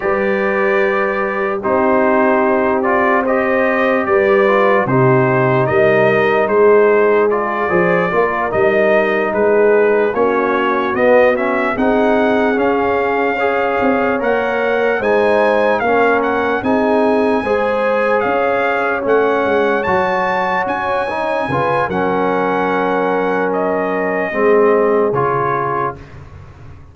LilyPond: <<
  \new Staff \with { instrumentName = "trumpet" } { \time 4/4 \tempo 4 = 74 d''2 c''4. d''8 | dis''4 d''4 c''4 dis''4 | c''4 d''4. dis''4 b'8~ | b'8 cis''4 dis''8 e''8 fis''4 f''8~ |
f''4. fis''4 gis''4 f''8 | fis''8 gis''2 f''4 fis''8~ | fis''8 a''4 gis''4. fis''4~ | fis''4 dis''2 cis''4 | }
  \new Staff \with { instrumentName = "horn" } { \time 4/4 b'2 g'2 | c''4 b'4 g'4 ais'4 | gis'4. c''8 ais'4. gis'8~ | gis'8 fis'2 gis'4.~ |
gis'8 cis''2 c''4 ais'8~ | ais'8 gis'4 c''4 cis''4.~ | cis''2~ cis''8 b'8 ais'4~ | ais'2 gis'2 | }
  \new Staff \with { instrumentName = "trombone" } { \time 4/4 g'2 dis'4. f'8 | g'4. f'8 dis'2~ | dis'4 f'8 gis'8 f'8 dis'4.~ | dis'8 cis'4 b8 cis'8 dis'4 cis'8~ |
cis'8 gis'4 ais'4 dis'4 cis'8~ | cis'8 dis'4 gis'2 cis'8~ | cis'8 fis'4. dis'8 f'8 cis'4~ | cis'2 c'4 f'4 | }
  \new Staff \with { instrumentName = "tuba" } { \time 4/4 g2 c'2~ | c'4 g4 c4 g4 | gis4. f8 ais8 g4 gis8~ | gis8 ais4 b4 c'4 cis'8~ |
cis'4 c'8 ais4 gis4 ais8~ | ais8 c'4 gis4 cis'4 a8 | gis8 fis4 cis'4 cis8 fis4~ | fis2 gis4 cis4 | }
>>